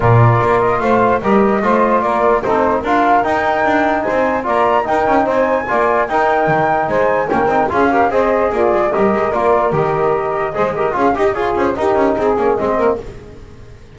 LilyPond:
<<
  \new Staff \with { instrumentName = "flute" } { \time 4/4 \tempo 4 = 148 d''4. dis''8 f''4 dis''4~ | dis''4 d''4 c''4 f''4 | g''2 gis''4 ais''4 | g''4 gis''2 g''4~ |
g''4 gis''4 g''4 f''4 | dis''4 d''4 dis''4 d''4 | dis''2. f''8 dis''8 | cis''8 c''8 ais'4 gis'4 dis''4 | }
  \new Staff \with { instrumentName = "saxophone" } { \time 4/4 ais'2 c''4 ais'4 | c''4 ais'4 a'4 ais'4~ | ais'2 c''4 d''4 | ais'4 c''4 d''4 ais'4~ |
ais'4 c''4 ais'4 gis'8 ais'8 | c''4 f'4 ais'2~ | ais'2 c''8 ais'8 gis'8 g'8 | f'4 g'4 gis'4. ais'8 | }
  \new Staff \with { instrumentName = "trombone" } { \time 4/4 f'2. g'4 | f'2 dis'4 f'4 | dis'2. f'4 | dis'2 f'4 dis'4~ |
dis'2 cis'8 dis'8 f'8 g'8 | gis'2 g'4 f'4 | g'2 gis'8 g'8 f'8 g'8 | gis'4 dis'4. cis'8 c'4 | }
  \new Staff \with { instrumentName = "double bass" } { \time 4/4 ais,4 ais4 a4 g4 | a4 ais4 c'4 d'4 | dis'4 d'4 c'4 ais4 | dis'8 cis'8 c'4 ais4 dis'4 |
dis4 gis4 ais8 c'8 cis'4 | c'4 ais8 gis8 g8 gis8 ais4 | dis2 gis4 cis'8 dis'8 | f'8 cis'8 dis'8 cis'8 c'8 ais8 gis8 ais8 | }
>>